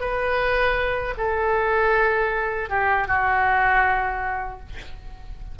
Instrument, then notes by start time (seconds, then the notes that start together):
oboe
0.00 B4
1.18 A4
2.69 G4
3.08 F#4